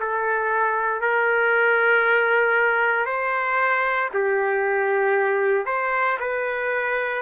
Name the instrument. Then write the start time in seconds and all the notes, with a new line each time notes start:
trumpet
0.00 A4
1.01 A#4
3.06 C5
4.14 G4
5.66 C5
6.20 B4